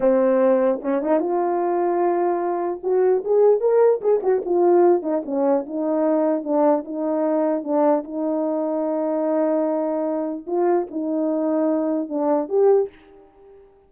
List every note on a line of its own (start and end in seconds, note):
0.00 0.80 C4
0.82 1.01 C#4
1.01 1.19 D#4
1.19 2.80 F4
2.83 3.23 F#4
3.24 3.60 G#4
3.60 4.00 A#4
4.01 4.21 G#4
4.22 4.42 F#4
4.45 5.02 F4
5.02 5.22 D#4
5.25 5.65 C#4
5.66 6.43 D#4
6.43 6.84 D4
6.84 7.63 D#4
7.63 8.03 D4
8.03 10.45 D#4
10.46 10.87 F4
10.90 12.08 D#4
12.08 12.48 D4
12.48 12.89 G4